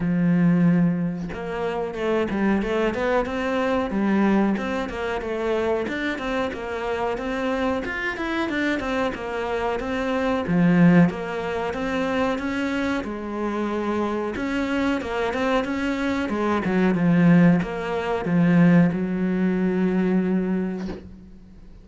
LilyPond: \new Staff \with { instrumentName = "cello" } { \time 4/4 \tempo 4 = 92 f2 ais4 a8 g8 | a8 b8 c'4 g4 c'8 ais8 | a4 d'8 c'8 ais4 c'4 | f'8 e'8 d'8 c'8 ais4 c'4 |
f4 ais4 c'4 cis'4 | gis2 cis'4 ais8 c'8 | cis'4 gis8 fis8 f4 ais4 | f4 fis2. | }